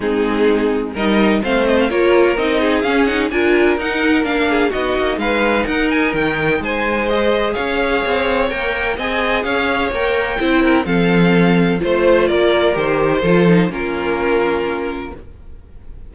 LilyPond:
<<
  \new Staff \with { instrumentName = "violin" } { \time 4/4 \tempo 4 = 127 gis'2 dis''4 f''8 dis''16 f''16 | cis''4 dis''4 f''8 fis''8 gis''4 | fis''4 f''4 dis''4 f''4 | fis''8 gis''8 g''4 gis''4 dis''4 |
f''2 g''4 gis''4 | f''4 g''2 f''4~ | f''4 c''4 d''4 c''4~ | c''4 ais'2. | }
  \new Staff \with { instrumentName = "violin" } { \time 4/4 dis'2 ais'4 c''4 | ais'4. gis'4. ais'4~ | ais'4. gis'8 fis'4 b'4 | ais'2 c''2 |
cis''2. dis''4 | cis''2 c''8 ais'8 a'4~ | a'4 c''4 ais'2 | a'4 f'2. | }
  \new Staff \with { instrumentName = "viola" } { \time 4/4 c'2 dis'4 c'4 | f'4 dis'4 cis'8 dis'8 f'4 | dis'4 d'4 dis'2~ | dis'2. gis'4~ |
gis'2 ais'4 gis'4~ | gis'4 ais'4 e'4 c'4~ | c'4 f'2 g'4 | f'8 dis'8 cis'2. | }
  \new Staff \with { instrumentName = "cello" } { \time 4/4 gis2 g4 a4 | ais4 c'4 cis'4 d'4 | dis'4 ais4 b8 ais8 gis4 | dis'4 dis4 gis2 |
cis'4 c'4 ais4 c'4 | cis'4 ais4 c'4 f4~ | f4 a4 ais4 dis4 | f4 ais2. | }
>>